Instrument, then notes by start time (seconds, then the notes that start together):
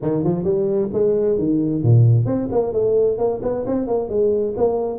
tuba
0.01 D#3
0.24 F3
0.43 G3
0.93 G#3
1.38 D#3
1.83 A#2
2.25 C4
2.51 A#3
2.73 A3
3.18 A#3
3.42 B3
3.65 C4
3.87 A#3
4.09 G#3
4.56 A#3